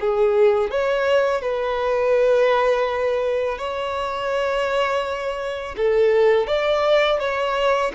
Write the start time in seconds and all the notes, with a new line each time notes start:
0.00 G#4
0.70 C#5
1.41 B4
3.58 C#5
5.76 A4
6.47 D5
7.19 C#5